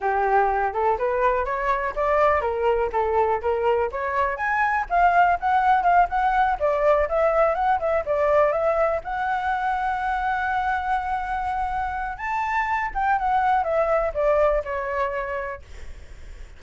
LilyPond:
\new Staff \with { instrumentName = "flute" } { \time 4/4 \tempo 4 = 123 g'4. a'8 b'4 cis''4 | d''4 ais'4 a'4 ais'4 | cis''4 gis''4 f''4 fis''4 | f''8 fis''4 d''4 e''4 fis''8 |
e''8 d''4 e''4 fis''4.~ | fis''1~ | fis''4 a''4. g''8 fis''4 | e''4 d''4 cis''2 | }